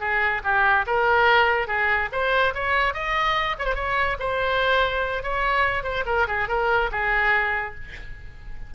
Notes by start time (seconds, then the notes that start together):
0.00 G#4
0.44 G4
0.87 A#4
1.67 G#4
2.12 C5
2.54 C#5
2.94 D#5
3.58 C#5
3.65 C5
3.75 C#5
4.20 C5
5.23 C#5
5.83 C5
6.06 A#4
6.27 G#4
6.48 A#4
6.91 G#4